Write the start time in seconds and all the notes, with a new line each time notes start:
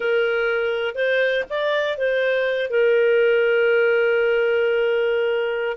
0.00 A#4
0.95 C5
1.49 D5
1.97 C5
2.69 A#4